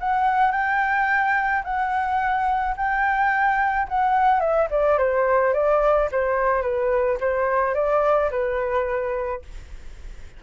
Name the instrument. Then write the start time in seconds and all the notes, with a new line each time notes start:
flute
0.00 F#5
0.52 G5
1.64 F#5
2.77 G5
3.88 F#5
4.40 E5
4.70 D5
4.98 C5
5.53 D5
6.12 C5
6.62 B4
7.20 C5
7.74 D5
8.31 B4